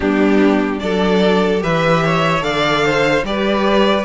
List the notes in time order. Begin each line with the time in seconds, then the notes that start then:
0.00 G3 B3 D4 G4
0.79 F#3 D4 A4 D5
1.58 E3 G4 B4 E5
2.04 C#5
2.40 D3 A4 D5 F5
2.85 C5
3.22 G3 G4 B4 D5